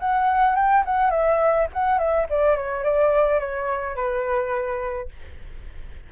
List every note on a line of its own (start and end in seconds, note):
0.00 0.56 F#5
0.56 0.84 G5
0.86 1.11 F#5
1.11 1.67 E5
1.73 1.99 F#5
1.99 2.27 E5
2.30 2.56 D5
2.56 2.84 C#5
2.84 3.40 D5
3.40 3.96 C#5
3.96 5.09 B4